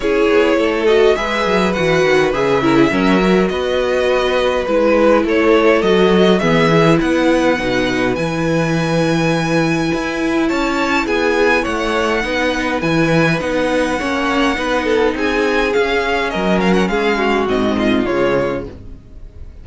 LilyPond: <<
  \new Staff \with { instrumentName = "violin" } { \time 4/4 \tempo 4 = 103 cis''4. dis''8 e''4 fis''4 | e''2 dis''2 | b'4 cis''4 dis''4 e''4 | fis''2 gis''2~ |
gis''2 a''4 gis''4 | fis''2 gis''4 fis''4~ | fis''2 gis''4 f''4 | dis''8 f''16 fis''16 f''4 dis''4 cis''4 | }
  \new Staff \with { instrumentName = "violin" } { \time 4/4 gis'4 a'4 b'2~ | b'8 ais'16 gis'16 ais'4 b'2~ | b'4 a'2 gis'4 | b'1~ |
b'2 cis''4 gis'4 | cis''4 b'2. | cis''4 b'8 a'8 gis'2 | ais'4 gis'8 fis'4 f'4. | }
  \new Staff \with { instrumentName = "viola" } { \time 4/4 e'4. fis'8 gis'4 fis'4 | gis'8 e'8 cis'8 fis'2~ fis'8 | e'2 fis'4 b8 e'8~ | e'4 dis'4 e'2~ |
e'1~ | e'4 dis'4 e'4 dis'4 | cis'4 dis'2 cis'4~ | cis'2 c'4 gis4 | }
  \new Staff \with { instrumentName = "cello" } { \time 4/4 cis'8 b8 a4 gis8 fis8 e8 dis8 | cis4 fis4 b2 | gis4 a4 fis4 e4 | b4 b,4 e2~ |
e4 e'4 cis'4 b4 | a4 b4 e4 b4 | ais4 b4 c'4 cis'4 | fis4 gis4 gis,4 cis4 | }
>>